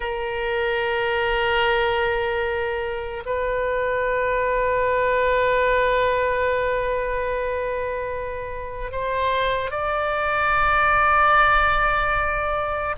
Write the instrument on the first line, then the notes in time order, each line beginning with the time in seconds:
oboe
0.00 A#4
3.25 B4
8.92 C5
9.70 D5